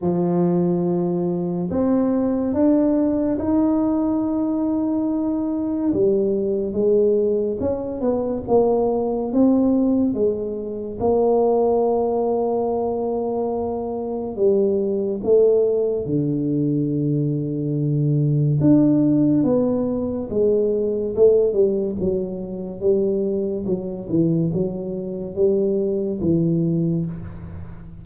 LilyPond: \new Staff \with { instrumentName = "tuba" } { \time 4/4 \tempo 4 = 71 f2 c'4 d'4 | dis'2. g4 | gis4 cis'8 b8 ais4 c'4 | gis4 ais2.~ |
ais4 g4 a4 d4~ | d2 d'4 b4 | gis4 a8 g8 fis4 g4 | fis8 e8 fis4 g4 e4 | }